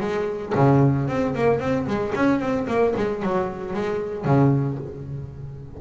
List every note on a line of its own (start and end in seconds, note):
0.00 0.53 G#3
0.55 1.08 C#3
1.08 1.34 C4
1.35 1.60 A#3
1.60 1.86 C4
1.87 2.13 G#3
2.15 2.40 C#4
2.40 2.67 C4
2.67 2.94 A#3
2.96 3.22 G#3
3.22 3.74 F#3
3.74 4.25 G#3
4.25 4.78 C#3